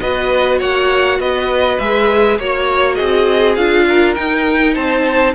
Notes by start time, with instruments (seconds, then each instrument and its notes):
0.00 cello B3, viola F#4, violin B4 D#5
0.59 cello A#3, violin C#5 F#5
1.19 cello B3, violin B4 D#5
1.79 cello G#3, viola G#4, violin E5
2.39 cello A#3, viola F#4, violin C#5
2.95 cello C4, violin G#4 D#5
3.55 cello D4, viola F4, violin F5
3.89 violin A#4
4.15 viola D#4, cello D#4, violin G5
4.75 cello C4, violin C5 A5